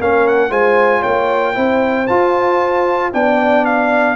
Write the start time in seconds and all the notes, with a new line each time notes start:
0.00 A#3 C#4 A#4 F5
0.28 F#5
0.50 G#3 F4 C5 G#5
1.00 A#3 C#5 G5
1.55 C4 E4 C5
2.07 F4 A5
3.13 B3 D4 D5 G5
3.66 F5